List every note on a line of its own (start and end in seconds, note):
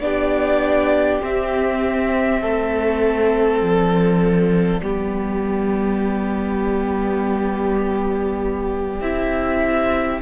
0.00 1.20 B3
0.00 1.20 D4
0.00 2.41 G4
0.00 1.20 D5
1.20 4.80 C4
1.20 2.42 C4
1.20 3.60 E5
2.41 3.61 A3
2.41 4.81 A4
3.60 4.81 F3
3.60 9.01 D5
4.80 9.00 G3
4.80 9.01 B3
4.80 10.21 G4
9.00 10.20 C4
9.00 10.21 E4
9.00 10.21 E5